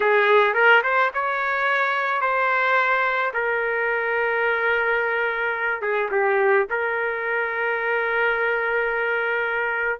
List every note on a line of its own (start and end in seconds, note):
0.00 0.54 G#4
0.54 0.82 A#4
0.83 1.11 C5
1.14 2.21 C#5
2.21 3.32 C5
3.33 5.81 A#4
5.81 6.09 G#4
6.11 6.66 G4
6.69 10.00 A#4